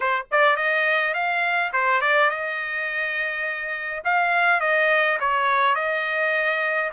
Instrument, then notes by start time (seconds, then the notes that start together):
trumpet
0.00 C5
0.31 D5
0.56 D#5
1.14 F5
1.73 C5
2.01 D5
2.29 D#5
4.04 F5
4.60 D#5
5.19 C#5
5.75 D#5